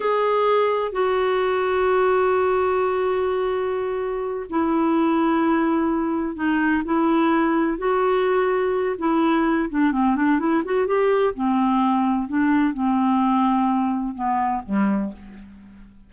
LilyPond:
\new Staff \with { instrumentName = "clarinet" } { \time 4/4 \tempo 4 = 127 gis'2 fis'2~ | fis'1~ | fis'4. e'2~ e'8~ | e'4. dis'4 e'4.~ |
e'8 fis'2~ fis'8 e'4~ | e'8 d'8 c'8 d'8 e'8 fis'8 g'4 | c'2 d'4 c'4~ | c'2 b4 g4 | }